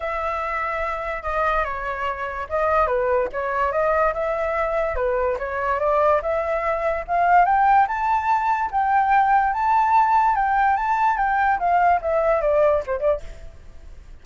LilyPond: \new Staff \with { instrumentName = "flute" } { \time 4/4 \tempo 4 = 145 e''2. dis''4 | cis''2 dis''4 b'4 | cis''4 dis''4 e''2 | b'4 cis''4 d''4 e''4~ |
e''4 f''4 g''4 a''4~ | a''4 g''2 a''4~ | a''4 g''4 a''4 g''4 | f''4 e''4 d''4 c''8 d''8 | }